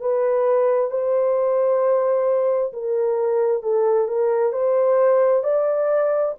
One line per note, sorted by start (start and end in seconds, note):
0.00 0.90 B4
0.90 2.72 C5
2.73 3.62 A#4
3.62 4.08 A4
4.08 4.52 A#4
4.52 5.43 C5
5.43 6.34 D5